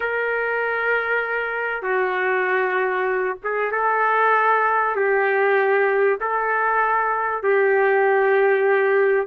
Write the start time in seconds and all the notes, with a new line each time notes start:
0.00 A#4
1.82 F#4
3.43 G#4
3.71 A4
4.95 G4
6.20 A4
7.42 G4